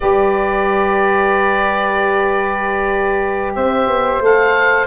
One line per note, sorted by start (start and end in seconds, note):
0.00 3.55 G3
0.00 4.21 G4
0.00 3.54 B4
0.00 3.52 D5
3.55 3.87 C4
3.55 4.86 C5
3.55 4.22 E5
3.87 4.20 B3
4.20 4.86 A3
4.20 4.86 A4
4.20 4.86 F5